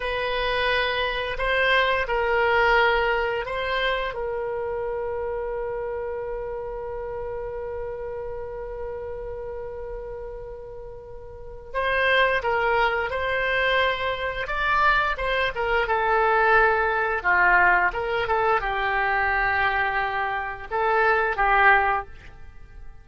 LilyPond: \new Staff \with { instrumentName = "oboe" } { \time 4/4 \tempo 4 = 87 b'2 c''4 ais'4~ | ais'4 c''4 ais'2~ | ais'1~ | ais'1~ |
ais'4 c''4 ais'4 c''4~ | c''4 d''4 c''8 ais'8 a'4~ | a'4 f'4 ais'8 a'8 g'4~ | g'2 a'4 g'4 | }